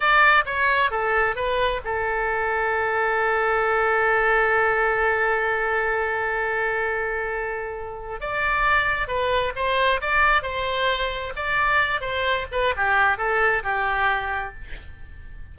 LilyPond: \new Staff \with { instrumentName = "oboe" } { \time 4/4 \tempo 4 = 132 d''4 cis''4 a'4 b'4 | a'1~ | a'1~ | a'1~ |
a'2 d''2 | b'4 c''4 d''4 c''4~ | c''4 d''4. c''4 b'8 | g'4 a'4 g'2 | }